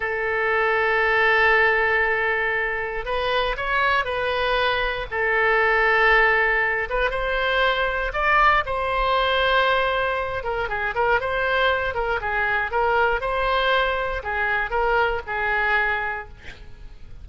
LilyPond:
\new Staff \with { instrumentName = "oboe" } { \time 4/4 \tempo 4 = 118 a'1~ | a'2 b'4 cis''4 | b'2 a'2~ | a'4. b'8 c''2 |
d''4 c''2.~ | c''8 ais'8 gis'8 ais'8 c''4. ais'8 | gis'4 ais'4 c''2 | gis'4 ais'4 gis'2 | }